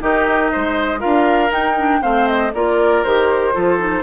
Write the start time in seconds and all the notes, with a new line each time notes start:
0.00 D#3 D#4 G4 D#5
0.52 G#3 C5
0.99 D4 F4 A#4 F5
1.49 D#4 G5
1.78 D4
2.01 A3 C4 C5 F5
2.28 D#5
2.54 A#3 F4 A#4 D5
3.03 D#3 G4 C5
3.53 F3 F4 A4
3.78 D#4